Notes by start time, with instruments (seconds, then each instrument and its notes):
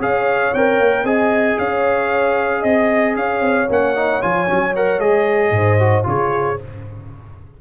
0.00 tuba C#4, trombone G#4, horn C#5, trumpet F5
0.54 tuba C4, trombone A#4, trumpet G5
0.80 tuba A#3
1.04 tuba C4, trombone G#4, horn D#5, trumpet G#5
1.59 tuba C#4, horn C#5, trumpet F5
2.60 tuba C4, horn D#5, trumpet D#5
3.16 tuba C#4, horn C#5, trumpet F5
3.41 tuba C4
3.70 tuba A#3, trombone C#4, trumpet F#5
3.96 trombone D#4
4.22 tuba F3, trombone F4, trumpet G#5
4.47 tuba F#3, trombone C#4
4.76 trombone A#4, trumpet F#5
5.00 tuba G#3, trombone G#4, trumpet D#5
5.51 tuba G#2, horn C5
5.80 trombone F#4
6.04 tuba C#3, trombone F4, horn G#4, trumpet C#5